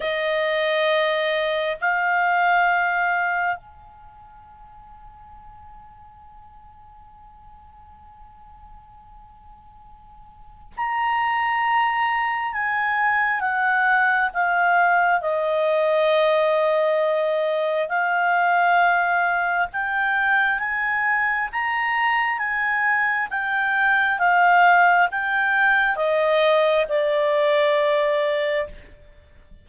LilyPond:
\new Staff \with { instrumentName = "clarinet" } { \time 4/4 \tempo 4 = 67 dis''2 f''2 | gis''1~ | gis''1 | ais''2 gis''4 fis''4 |
f''4 dis''2. | f''2 g''4 gis''4 | ais''4 gis''4 g''4 f''4 | g''4 dis''4 d''2 | }